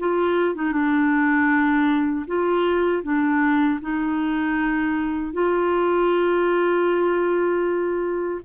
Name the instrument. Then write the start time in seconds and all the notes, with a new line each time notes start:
clarinet
0.00 F4
0.55 D#4
0.73 D4
2.28 F4
3.03 D4
3.81 D#4
5.34 F4